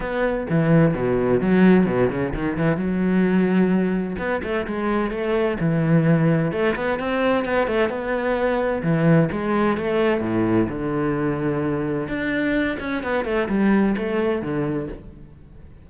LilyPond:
\new Staff \with { instrumentName = "cello" } { \time 4/4 \tempo 4 = 129 b4 e4 b,4 fis4 | b,8 cis8 dis8 e8 fis2~ | fis4 b8 a8 gis4 a4 | e2 a8 b8 c'4 |
b8 a8 b2 e4 | gis4 a4 a,4 d4~ | d2 d'4. cis'8 | b8 a8 g4 a4 d4 | }